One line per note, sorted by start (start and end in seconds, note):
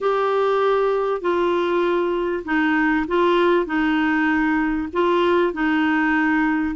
0.01 1.21 G4
1.21 2.43 F4
2.44 3.06 D#4
3.07 3.66 F4
3.66 4.88 D#4
4.92 5.53 F4
5.53 6.75 D#4